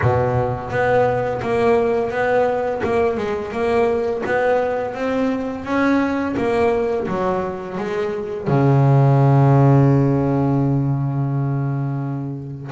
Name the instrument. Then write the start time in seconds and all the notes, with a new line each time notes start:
double bass
0.01 B2
0.70 B3
1.41 A#3
2.10 B3
2.83 A#3
3.17 G#3
3.52 A#3
4.25 B3
4.94 C4
5.64 C#4
6.36 A#3
7.07 F#3
7.77 G#3
8.47 C#3